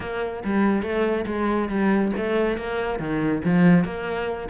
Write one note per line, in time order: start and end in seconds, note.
0.00 0.43 A#3
0.44 0.82 G3
0.82 1.25 A3
1.25 1.68 G#3
1.68 2.11 G3
2.16 2.57 A3
2.57 2.99 A#3
2.99 3.42 D#3
3.44 3.84 F3
3.84 4.48 A#3